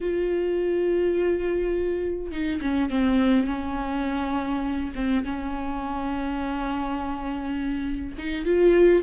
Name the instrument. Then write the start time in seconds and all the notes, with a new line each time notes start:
viola
0.01 F4
2.31 D#4
2.61 C#4
2.90 C4
3.47 C#4
4.95 C4
5.24 C#4
8.18 D#4
8.45 F4